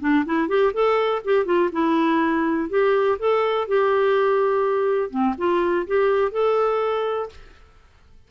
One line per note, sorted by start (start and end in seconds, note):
0.00 0.24 D4
0.25 0.48 E4
0.48 0.72 G4
0.73 1.22 A4
1.24 1.45 G4
1.45 1.69 F4
1.72 2.69 E4
2.69 3.18 G4
3.18 3.67 A4
3.67 5.10 G4
5.10 5.34 C4
5.37 5.86 F4
5.87 6.31 G4
6.31 7.29 A4